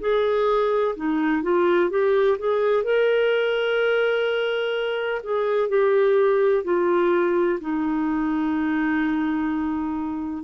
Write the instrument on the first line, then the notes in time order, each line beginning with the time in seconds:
clarinet
0.00 G#4
0.96 D#4
1.42 F4
1.90 G4
2.39 G#4
2.84 A#4
5.23 G#4
5.69 G4
6.64 F4
7.61 D#4